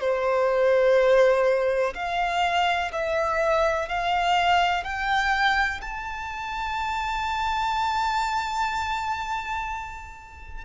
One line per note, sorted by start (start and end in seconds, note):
0.00 1.94 C5
1.94 2.91 F5
2.92 3.88 E5
3.88 4.83 F5
4.83 5.80 G5
5.81 10.64 A5